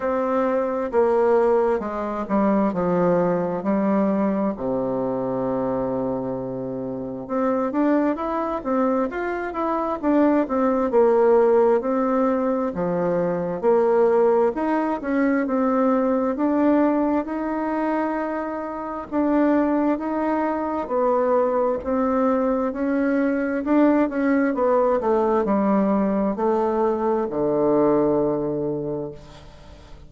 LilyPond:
\new Staff \with { instrumentName = "bassoon" } { \time 4/4 \tempo 4 = 66 c'4 ais4 gis8 g8 f4 | g4 c2. | c'8 d'8 e'8 c'8 f'8 e'8 d'8 c'8 | ais4 c'4 f4 ais4 |
dis'8 cis'8 c'4 d'4 dis'4~ | dis'4 d'4 dis'4 b4 | c'4 cis'4 d'8 cis'8 b8 a8 | g4 a4 d2 | }